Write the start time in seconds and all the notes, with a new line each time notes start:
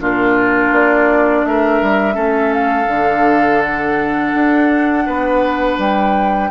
0.00 A#2 D4 F4 A#4
0.72 A#3 D5
1.45 A3 A#4 E5
1.82 G3
2.14 A3 C#4 A4
2.54 F5
2.87 D3 D4
3.62 F#5
4.34 D4
5.06 B3 B4
5.78 G3 G5